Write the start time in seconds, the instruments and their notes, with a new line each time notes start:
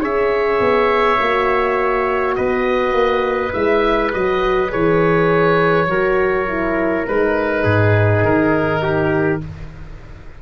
0.00 tuba C#4, horn G#4, trumpet C#5, oboe E5
0.60 tuba B3
1.19 tuba A#3, horn F#4
2.35 tuba B3, trumpet B4, oboe D#5
2.92 tuba A#3
3.53 tuba G#3, horn E4, oboe E5
4.12 tuba F#3, horn F#4, oboe D#5
4.69 tuba E3, horn G#4, oboe C#5
5.87 tuba F#3, horn F#4, trumpet A#4
6.48 horn E4
7.06 tuba G#3, horn D#4, oboe B4
7.63 tuba G#2, trumpet G#4
8.23 tuba D#3, oboe A#4
8.82 trumpet G4